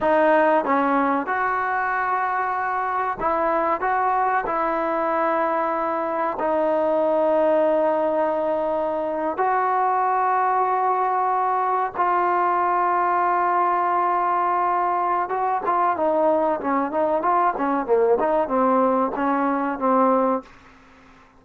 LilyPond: \new Staff \with { instrumentName = "trombone" } { \time 4/4 \tempo 4 = 94 dis'4 cis'4 fis'2~ | fis'4 e'4 fis'4 e'4~ | e'2 dis'2~ | dis'2~ dis'8. fis'4~ fis'16~ |
fis'2~ fis'8. f'4~ f'16~ | f'1 | fis'8 f'8 dis'4 cis'8 dis'8 f'8 cis'8 | ais8 dis'8 c'4 cis'4 c'4 | }